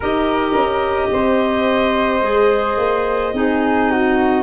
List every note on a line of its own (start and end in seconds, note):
0.00 0.54 D#4
0.00 2.22 G4
0.00 1.08 A#4
0.00 4.43 D#5
0.54 1.09 C#4
1.12 2.21 C4
1.12 3.34 C5
2.21 2.77 G#3
2.21 3.33 G#4
2.77 3.32 A#3
3.33 4.43 C4
3.33 4.43 D#4
3.33 3.91 G#4
3.91 4.43 F#4